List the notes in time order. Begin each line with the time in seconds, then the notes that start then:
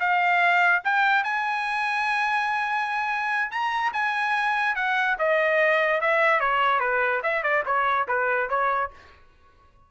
0.00 F5
0.84 G5
1.24 G#5
3.51 A#5
3.93 G#5
4.76 F#5
5.19 D#5
6.01 E5
6.41 C#5
6.80 B4
7.23 E5
7.43 D5
7.66 C#5
8.08 B4
8.50 C#5